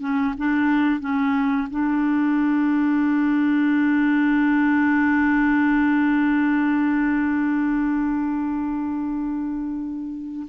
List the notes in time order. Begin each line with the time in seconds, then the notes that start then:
0.00 C#4
0.37 D4
1.00 C#4
1.70 D4